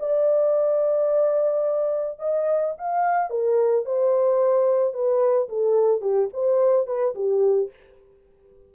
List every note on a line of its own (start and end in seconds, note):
0.00 2.20 D5
2.20 2.75 D#5
2.78 3.31 F5
3.31 3.86 A#4
3.86 4.94 C5
4.94 5.49 B4
5.49 6.02 A4
6.02 6.29 G4
6.34 6.87 C5
6.87 7.15 B4
7.15 7.70 G4